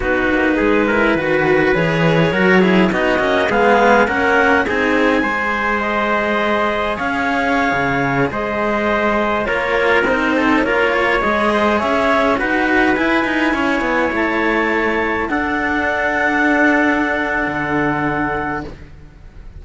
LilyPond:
<<
  \new Staff \with { instrumentName = "clarinet" } { \time 4/4 \tempo 4 = 103 b'2. cis''4~ | cis''4 dis''4 f''4 fis''4 | gis''2 dis''2 | f''2~ f''16 dis''4.~ dis''16~ |
dis''16 cis''4 c''4 cis''4 dis''8.~ | dis''16 e''4 fis''4 gis''4.~ gis''16~ | gis''16 a''2 fis''4.~ fis''16~ | fis''1 | }
  \new Staff \with { instrumentName = "trumpet" } { \time 4/4 fis'4 gis'8 ais'8 b'2 | ais'8 gis'8 fis'4 gis'4 ais'4 | gis'4 c''2. | cis''2~ cis''16 c''4.~ c''16~ |
c''16 ais'4. a'8 ais'8 cis''4 c''16~ | c''16 cis''4 b'2 cis''8.~ | cis''2~ cis''16 a'4.~ a'16~ | a'1 | }
  \new Staff \with { instrumentName = "cello" } { \time 4/4 dis'4. e'8 fis'4 gis'4 | fis'8 e'8 dis'8 cis'8 b4 cis'4 | dis'4 gis'2.~ | gis'1~ |
gis'16 f'4 dis'4 f'4 gis'8.~ | gis'4~ gis'16 fis'4 e'4.~ e'16~ | e'2~ e'16 d'4.~ d'16~ | d'1 | }
  \new Staff \with { instrumentName = "cello" } { \time 4/4 b8 ais8 gis4 dis4 e4 | fis4 b8 ais8 gis4 ais4 | c'4 gis2. | cis'4~ cis'16 cis4 gis4.~ gis16~ |
gis16 ais4 c'4 ais4 gis8.~ | gis16 cis'4 dis'4 e'8 dis'8 cis'8 b16~ | b16 a2 d'4.~ d'16~ | d'2 d2 | }
>>